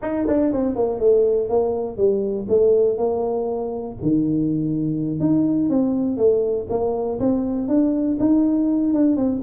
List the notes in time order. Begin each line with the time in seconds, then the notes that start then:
0.02 D#4
0.27 D4
0.52 C4
0.75 A#3
0.99 A3
1.49 A#3
1.97 G3
2.48 A3
2.97 A#3
4.01 D#3
5.19 D#4
5.69 C4
6.17 A3
6.69 A#3
7.19 C4
7.68 D4
8.19 D#4
8.93 D4
9.16 C4